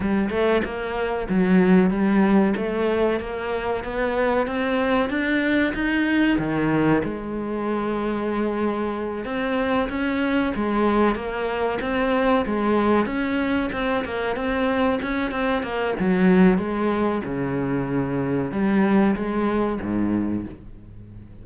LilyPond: \new Staff \with { instrumentName = "cello" } { \time 4/4 \tempo 4 = 94 g8 a8 ais4 fis4 g4 | a4 ais4 b4 c'4 | d'4 dis'4 dis4 gis4~ | gis2~ gis8 c'4 cis'8~ |
cis'8 gis4 ais4 c'4 gis8~ | gis8 cis'4 c'8 ais8 c'4 cis'8 | c'8 ais8 fis4 gis4 cis4~ | cis4 g4 gis4 gis,4 | }